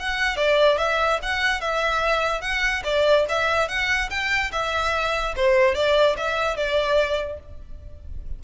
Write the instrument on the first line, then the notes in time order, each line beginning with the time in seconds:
violin
0.00 F#5
0.37 D5
0.79 E5
1.23 F#5
1.61 E5
2.42 F#5
2.85 D5
3.29 E5
3.69 F#5
4.10 G5
4.53 E5
5.36 C5
5.75 D5
6.18 E5
6.57 D5